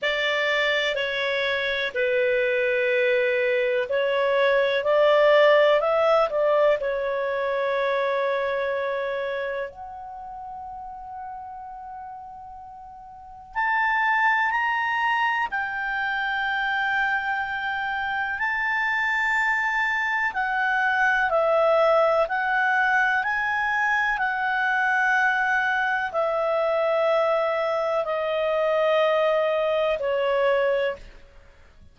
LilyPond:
\new Staff \with { instrumentName = "clarinet" } { \time 4/4 \tempo 4 = 62 d''4 cis''4 b'2 | cis''4 d''4 e''8 d''8 cis''4~ | cis''2 fis''2~ | fis''2 a''4 ais''4 |
g''2. a''4~ | a''4 fis''4 e''4 fis''4 | gis''4 fis''2 e''4~ | e''4 dis''2 cis''4 | }